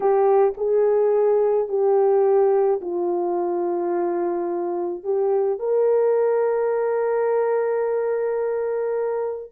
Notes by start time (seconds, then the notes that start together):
0.00 G4
0.57 G#4
1.68 G4
2.81 F4
5.03 G4
5.59 A#4